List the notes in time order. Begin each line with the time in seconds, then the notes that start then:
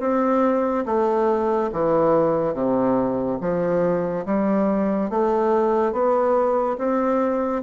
0.00 C4
0.86 A3
1.72 E3
2.54 C3
3.41 F3
4.26 G3
5.10 A3
5.92 B3
6.78 C4